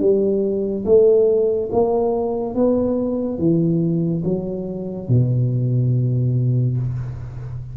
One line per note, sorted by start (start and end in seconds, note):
0.00 0.85 G3
0.85 1.69 A3
1.72 2.55 A#3
2.55 3.38 B3
3.38 4.23 E3
4.24 5.08 F#3
5.08 6.77 B2